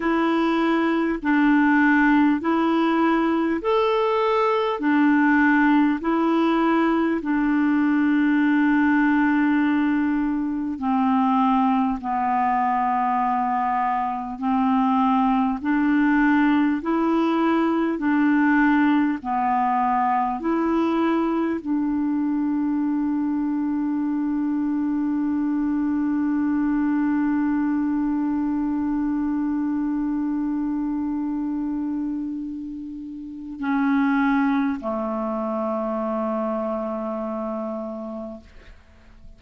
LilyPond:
\new Staff \with { instrumentName = "clarinet" } { \time 4/4 \tempo 4 = 50 e'4 d'4 e'4 a'4 | d'4 e'4 d'2~ | d'4 c'4 b2 | c'4 d'4 e'4 d'4 |
b4 e'4 d'2~ | d'1~ | d'1 | cis'4 a2. | }